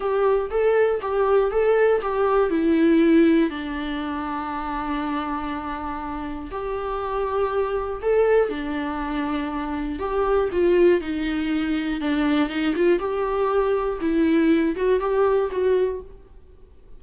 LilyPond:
\new Staff \with { instrumentName = "viola" } { \time 4/4 \tempo 4 = 120 g'4 a'4 g'4 a'4 | g'4 e'2 d'4~ | d'1~ | d'4 g'2. |
a'4 d'2. | g'4 f'4 dis'2 | d'4 dis'8 f'8 g'2 | e'4. fis'8 g'4 fis'4 | }